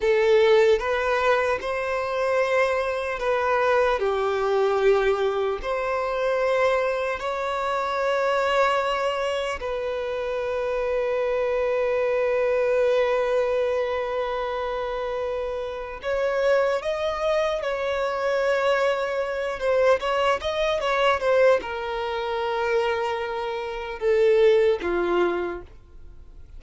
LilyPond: \new Staff \with { instrumentName = "violin" } { \time 4/4 \tempo 4 = 75 a'4 b'4 c''2 | b'4 g'2 c''4~ | c''4 cis''2. | b'1~ |
b'1 | cis''4 dis''4 cis''2~ | cis''8 c''8 cis''8 dis''8 cis''8 c''8 ais'4~ | ais'2 a'4 f'4 | }